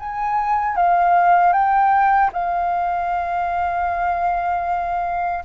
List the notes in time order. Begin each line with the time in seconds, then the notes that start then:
0.00 G#5
0.77 F5
1.53 G5
2.33 F5